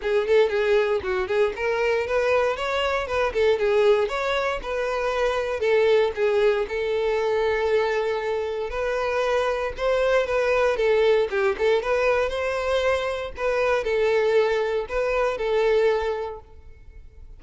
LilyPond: \new Staff \with { instrumentName = "violin" } { \time 4/4 \tempo 4 = 117 gis'8 a'8 gis'4 fis'8 gis'8 ais'4 | b'4 cis''4 b'8 a'8 gis'4 | cis''4 b'2 a'4 | gis'4 a'2.~ |
a'4 b'2 c''4 | b'4 a'4 g'8 a'8 b'4 | c''2 b'4 a'4~ | a'4 b'4 a'2 | }